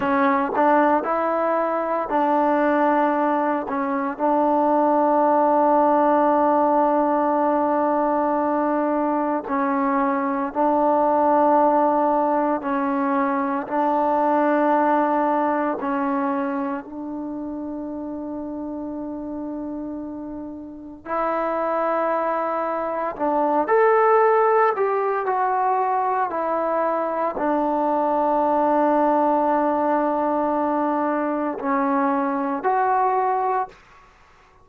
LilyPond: \new Staff \with { instrumentName = "trombone" } { \time 4/4 \tempo 4 = 57 cis'8 d'8 e'4 d'4. cis'8 | d'1~ | d'4 cis'4 d'2 | cis'4 d'2 cis'4 |
d'1 | e'2 d'8 a'4 g'8 | fis'4 e'4 d'2~ | d'2 cis'4 fis'4 | }